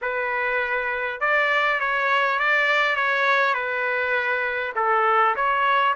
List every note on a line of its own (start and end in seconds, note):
0.01 1.20 B4
1.20 1.80 D5
1.80 2.39 C#5
2.39 2.96 D5
2.96 3.53 C#5
3.53 4.72 B4
4.75 5.35 A4
5.35 5.94 C#5